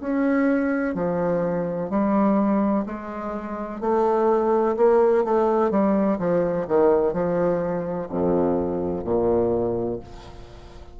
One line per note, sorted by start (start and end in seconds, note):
0.00 0.95 C#4
0.95 1.90 F3
1.90 2.85 G3
2.86 3.81 G#3
3.81 4.76 A3
4.77 5.24 A#3
5.24 5.71 A3
5.71 6.18 G3
6.19 6.66 F3
6.68 7.13 D#3
7.13 8.08 F3
8.09 9.04 F2
9.04 10.00 A#2